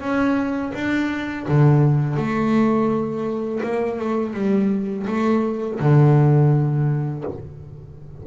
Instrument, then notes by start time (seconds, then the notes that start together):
double bass
0.00 C#4
0.74 D4
1.48 D3
2.16 A3
3.63 A#3
3.99 A3
4.33 G3
5.07 A3
5.79 D3